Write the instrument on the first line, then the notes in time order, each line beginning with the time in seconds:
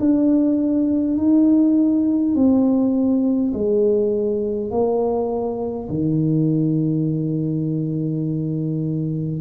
tuba
0.00 D4
1.18 D#4
2.35 C4
3.53 G#3
4.71 A#3
5.89 D#3